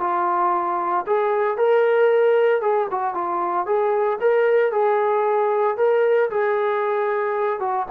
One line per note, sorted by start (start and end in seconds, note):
0.00 1.05 F4
1.07 1.57 G#4
1.57 2.61 A#4
2.61 2.88 G#4
2.91 3.14 F#4
3.14 3.66 F4
3.66 4.19 G#4
4.21 4.72 A#4
4.72 5.77 G#4
5.77 6.30 A#4
6.30 7.60 G#4
7.60 7.86 F#4